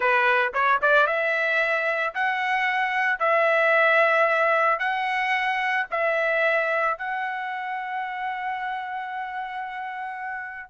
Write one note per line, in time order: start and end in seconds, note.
0.00 0.52 B4
0.53 0.80 C#5
0.81 1.06 D5
1.06 2.14 E5
2.14 3.19 F#5
3.19 4.79 E5
4.79 5.86 F#5
5.91 6.98 E5
6.98 10.69 F#5